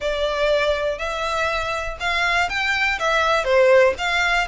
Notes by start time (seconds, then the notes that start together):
0.00 D5
0.98 E5
2.00 F5
2.49 G5
2.99 E5
3.44 C5
3.98 F5